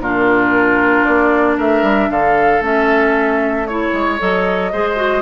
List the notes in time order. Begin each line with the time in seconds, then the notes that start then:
0.00 A#2 D4 F4 A#4
1.05 A#3 D5
1.58 A3 A#4 E5
1.83 G3
2.10 D3 A4 F5
2.61 A3 C#4 E5
3.67 E4 C#5
3.93 G#3
4.19 F#3 A4 D#5
4.73 G#3 G#4 C5
4.96 F#4